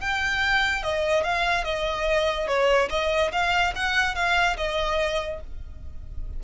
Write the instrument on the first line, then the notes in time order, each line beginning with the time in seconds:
violin
0.00 G5
0.83 D#5
1.23 F5
1.64 D#5
2.47 C#5
2.90 D#5
3.31 F5
3.75 F#5
4.15 F5
4.57 D#5